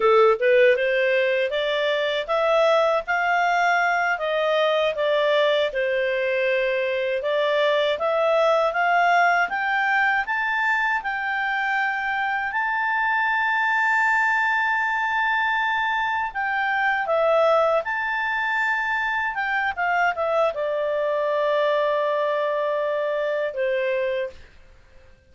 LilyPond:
\new Staff \with { instrumentName = "clarinet" } { \time 4/4 \tempo 4 = 79 a'8 b'8 c''4 d''4 e''4 | f''4. dis''4 d''4 c''8~ | c''4. d''4 e''4 f''8~ | f''8 g''4 a''4 g''4.~ |
g''8 a''2.~ a''8~ | a''4. g''4 e''4 a''8~ | a''4. g''8 f''8 e''8 d''4~ | d''2. c''4 | }